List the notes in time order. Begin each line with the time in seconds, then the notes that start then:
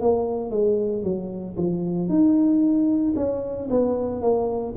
0.00 A#3
0.50 G#3
1.03 F#3
1.56 F3
2.09 D#4
3.16 C#4
3.69 B3
4.22 A#3